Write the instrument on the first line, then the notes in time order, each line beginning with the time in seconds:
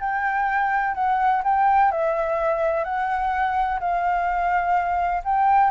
flute
0.00 G5
0.95 F#5
1.44 G5
1.92 E5
2.84 F#5
3.80 F5
5.25 G5